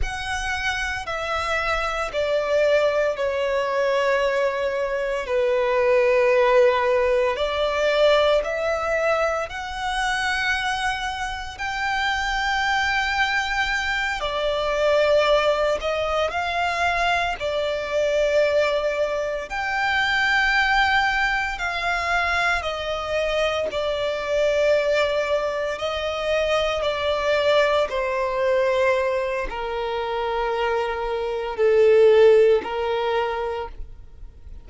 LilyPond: \new Staff \with { instrumentName = "violin" } { \time 4/4 \tempo 4 = 57 fis''4 e''4 d''4 cis''4~ | cis''4 b'2 d''4 | e''4 fis''2 g''4~ | g''4. d''4. dis''8 f''8~ |
f''8 d''2 g''4.~ | g''8 f''4 dis''4 d''4.~ | d''8 dis''4 d''4 c''4. | ais'2 a'4 ais'4 | }